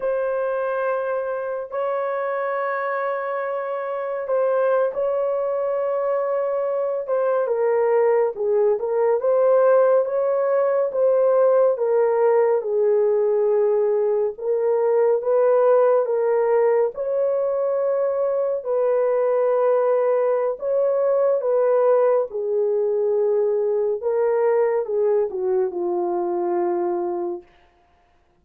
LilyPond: \new Staff \with { instrumentName = "horn" } { \time 4/4 \tempo 4 = 70 c''2 cis''2~ | cis''4 c''8. cis''2~ cis''16~ | cis''16 c''8 ais'4 gis'8 ais'8 c''4 cis''16~ | cis''8. c''4 ais'4 gis'4~ gis'16~ |
gis'8. ais'4 b'4 ais'4 cis''16~ | cis''4.~ cis''16 b'2~ b'16 | cis''4 b'4 gis'2 | ais'4 gis'8 fis'8 f'2 | }